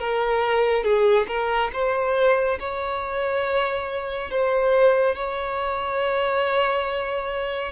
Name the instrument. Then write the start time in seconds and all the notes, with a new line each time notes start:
violin
0.00 A#4
0.84 G#4
1.29 A#4
1.73 C5
2.60 C#5
4.31 C5
5.16 C#5